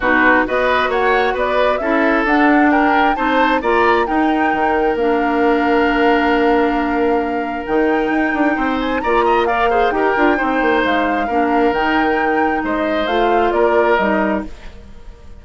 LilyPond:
<<
  \new Staff \with { instrumentName = "flute" } { \time 4/4 \tempo 4 = 133 b'4 dis''4 fis''4 d''4 | e''4 fis''4 g''4 a''4 | ais''4 g''2 f''4~ | f''1~ |
f''4 g''2~ g''8 gis''8 | ais''4 f''4 g''2 | f''2 g''2 | dis''4 f''4 d''4 dis''4 | }
  \new Staff \with { instrumentName = "oboe" } { \time 4/4 fis'4 b'4 cis''4 b'4 | a'2 ais'4 c''4 | d''4 ais'2.~ | ais'1~ |
ais'2. c''4 | d''8 dis''8 d''8 c''8 ais'4 c''4~ | c''4 ais'2. | c''2 ais'2 | }
  \new Staff \with { instrumentName = "clarinet" } { \time 4/4 dis'4 fis'2. | e'4 d'2 dis'4 | f'4 dis'2 d'4~ | d'1~ |
d'4 dis'2. | f'4 ais'8 gis'8 g'8 f'8 dis'4~ | dis'4 d'4 dis'2~ | dis'4 f'2 dis'4 | }
  \new Staff \with { instrumentName = "bassoon" } { \time 4/4 b,4 b4 ais4 b4 | cis'4 d'2 c'4 | ais4 dis'4 dis4 ais4~ | ais1~ |
ais4 dis4 dis'8 d'8 c'4 | ais2 dis'8 d'8 c'8 ais8 | gis4 ais4 dis2 | gis4 a4 ais4 g4 | }
>>